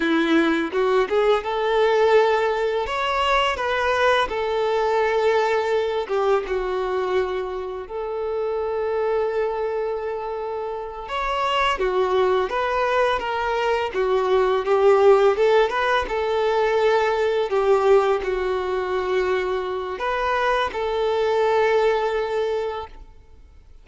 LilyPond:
\new Staff \with { instrumentName = "violin" } { \time 4/4 \tempo 4 = 84 e'4 fis'8 gis'8 a'2 | cis''4 b'4 a'2~ | a'8 g'8 fis'2 a'4~ | a'2.~ a'8 cis''8~ |
cis''8 fis'4 b'4 ais'4 fis'8~ | fis'8 g'4 a'8 b'8 a'4.~ | a'8 g'4 fis'2~ fis'8 | b'4 a'2. | }